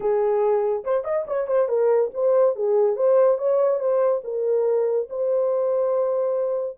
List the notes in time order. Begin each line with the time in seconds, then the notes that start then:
0.00 G#4
0.84 C5
1.04 D#5
1.27 C#5
1.47 C5
1.68 A#4
2.14 C5
2.55 G#4
2.96 C5
3.38 C#5
3.79 C5
4.23 A#4
5.09 C5